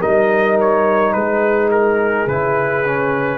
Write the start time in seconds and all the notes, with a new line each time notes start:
0.00 G3 D#4 A#4 D#5
0.61 C#5
1.13 G#3 G#4 B4
1.72 A#4
2.27 C#3 E4 B4
2.86 C#4